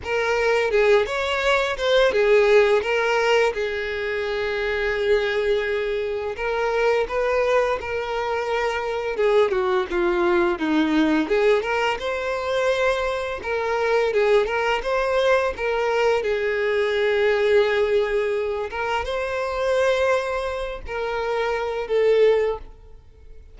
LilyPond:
\new Staff \with { instrumentName = "violin" } { \time 4/4 \tempo 4 = 85 ais'4 gis'8 cis''4 c''8 gis'4 | ais'4 gis'2.~ | gis'4 ais'4 b'4 ais'4~ | ais'4 gis'8 fis'8 f'4 dis'4 |
gis'8 ais'8 c''2 ais'4 | gis'8 ais'8 c''4 ais'4 gis'4~ | gis'2~ gis'8 ais'8 c''4~ | c''4. ais'4. a'4 | }